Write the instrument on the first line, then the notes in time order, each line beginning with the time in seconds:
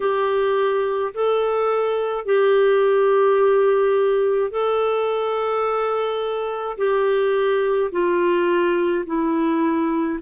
clarinet
0.00 G4
1.13 A4
2.25 G4
4.50 A4
6.77 G4
7.91 F4
9.06 E4